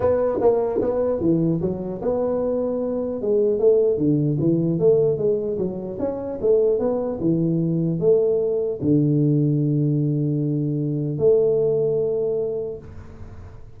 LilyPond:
\new Staff \with { instrumentName = "tuba" } { \time 4/4 \tempo 4 = 150 b4 ais4 b4 e4 | fis4 b2. | gis4 a4 d4 e4 | a4 gis4 fis4 cis'4 |
a4 b4 e2 | a2 d2~ | d1 | a1 | }